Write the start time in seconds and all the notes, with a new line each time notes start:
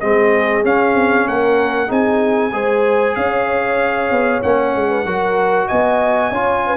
0.00 G#3 C4 G#4 D#5
0.63 C#4 F5
0.94 C4
1.27 A#3 A#4 F#5
1.87 C4 D#4 G#4 G#5
2.52 G#3 G#4 C5
3.15 C#4 C#5 F5
4.10 B3
4.42 A#3 C#4 F#5
4.75 G#3
4.89 B4
5.05 F#3 F#4 A#4
5.67 B3 D#5 G#5
6.30 C#4 F4 C#5
6.66 B4